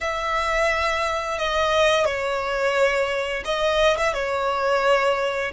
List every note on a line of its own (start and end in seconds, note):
0.00 1.38 E5
1.38 2.05 D#5
2.05 3.43 C#5
3.45 3.96 D#5
3.97 4.13 E5
4.13 5.51 C#5